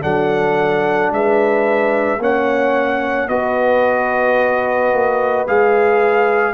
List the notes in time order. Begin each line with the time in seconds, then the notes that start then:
0.00 F#3 D4 A4 F#5
1.10 G#3 B4 E5
2.17 A#3 C#4 C#5 F#5
3.28 B3 F#4 B4 D#5
4.92 A#3
5.47 G#3 G#4 F5